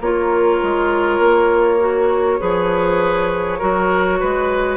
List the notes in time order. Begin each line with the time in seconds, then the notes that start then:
0.00 A#3 F4 A#4 C#5
0.62 G#3
1.19 A#3
1.79 F#4
2.39 F3 G#4 B4
3.58 F#3 F#4 A#4
4.19 G#3 B4